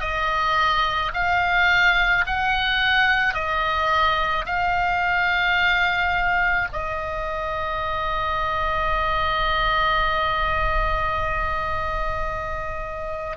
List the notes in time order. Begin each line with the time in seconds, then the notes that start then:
0.00 D#5
1.13 F5
2.26 F#5
3.34 D#5
4.45 F5
6.72 D#5